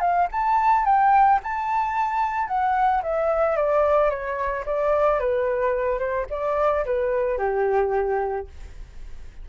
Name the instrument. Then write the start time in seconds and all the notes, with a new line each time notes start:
flute
0.00 F5
0.31 A5
0.85 G5
1.43 A5
2.47 F#5
3.02 E5
3.56 D5
4.10 C#5
4.65 D5
5.19 B4
5.99 C5
6.30 D5
6.85 B4
7.38 G4